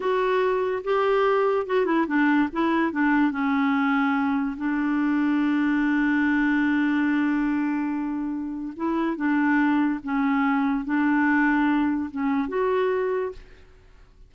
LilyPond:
\new Staff \with { instrumentName = "clarinet" } { \time 4/4 \tempo 4 = 144 fis'2 g'2 | fis'8 e'8 d'4 e'4 d'4 | cis'2. d'4~ | d'1~ |
d'1~ | d'4 e'4 d'2 | cis'2 d'2~ | d'4 cis'4 fis'2 | }